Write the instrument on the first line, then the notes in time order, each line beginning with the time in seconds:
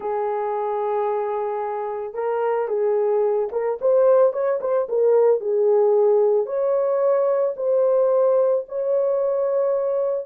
horn
0.00 G#4
2.14 A#4
2.68 G#4
3.52 A#4
3.81 C5
4.32 C#5
4.60 C5
4.88 A#4
5.40 G#4
6.46 C#5
7.56 C5
8.68 C#5